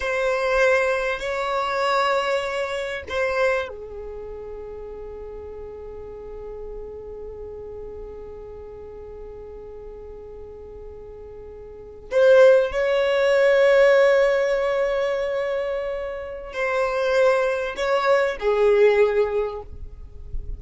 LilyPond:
\new Staff \with { instrumentName = "violin" } { \time 4/4 \tempo 4 = 98 c''2 cis''2~ | cis''4 c''4 gis'2~ | gis'1~ | gis'1~ |
gis'2.~ gis'8. c''16~ | c''8. cis''2.~ cis''16~ | cis''2. c''4~ | c''4 cis''4 gis'2 | }